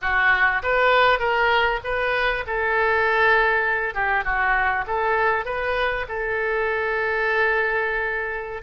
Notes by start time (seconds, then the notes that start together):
0.01 F#4
0.62 B4
1.19 A#4
1.83 B4
2.46 A4
3.94 G4
4.24 F#4
4.87 A4
5.45 B4
6.08 A4